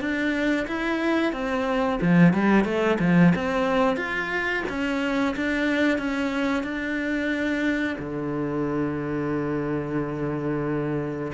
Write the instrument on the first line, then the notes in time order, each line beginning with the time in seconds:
cello
0.00 D4
0.67 E4
1.32 C4
2.01 F3
2.33 G3
2.65 A3
2.99 F3
3.35 C4
3.96 F4
4.69 C#4
5.36 D4
5.98 C#4
6.63 D4
7.99 D3